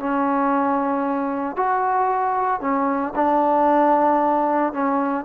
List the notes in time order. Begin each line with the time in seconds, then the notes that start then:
0.00 C#4
1.56 F#4
2.61 C#4
3.16 D4
4.74 C#4